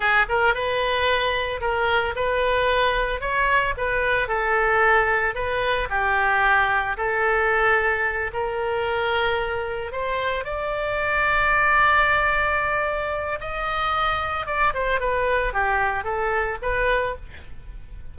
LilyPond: \new Staff \with { instrumentName = "oboe" } { \time 4/4 \tempo 4 = 112 gis'8 ais'8 b'2 ais'4 | b'2 cis''4 b'4 | a'2 b'4 g'4~ | g'4 a'2~ a'8 ais'8~ |
ais'2~ ais'8 c''4 d''8~ | d''1~ | d''4 dis''2 d''8 c''8 | b'4 g'4 a'4 b'4 | }